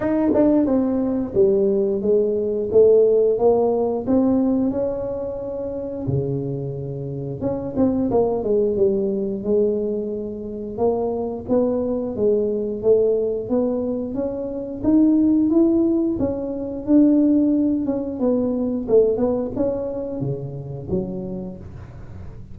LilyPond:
\new Staff \with { instrumentName = "tuba" } { \time 4/4 \tempo 4 = 89 dis'8 d'8 c'4 g4 gis4 | a4 ais4 c'4 cis'4~ | cis'4 cis2 cis'8 c'8 | ais8 gis8 g4 gis2 |
ais4 b4 gis4 a4 | b4 cis'4 dis'4 e'4 | cis'4 d'4. cis'8 b4 | a8 b8 cis'4 cis4 fis4 | }